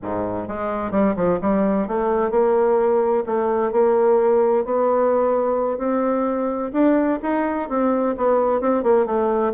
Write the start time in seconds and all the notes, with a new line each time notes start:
0.02 G#2
0.48 G#3
0.91 G3
1.16 F3
1.41 G3
1.87 A3
2.30 A#3
3.26 A3
3.72 A#3
4.64 B3
5.78 C4
6.72 D4
7.22 D#4
7.68 C4
8.17 B3
8.60 C4
8.83 A#3
9.06 A3